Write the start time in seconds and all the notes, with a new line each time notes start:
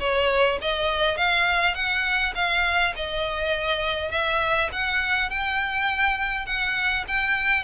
0.00 C#5
0.61 D#5
1.17 F5
1.75 F#5
2.35 F5
2.96 D#5
4.11 E5
4.72 F#5
5.30 G5
6.46 F#5
7.08 G5